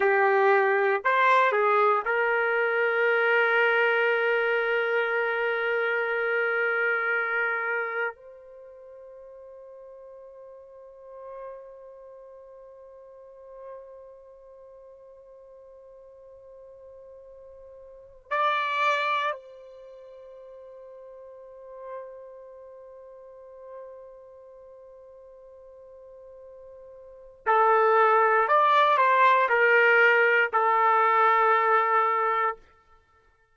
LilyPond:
\new Staff \with { instrumentName = "trumpet" } { \time 4/4 \tempo 4 = 59 g'4 c''8 gis'8 ais'2~ | ais'1 | c''1~ | c''1~ |
c''2 d''4 c''4~ | c''1~ | c''2. a'4 | d''8 c''8 ais'4 a'2 | }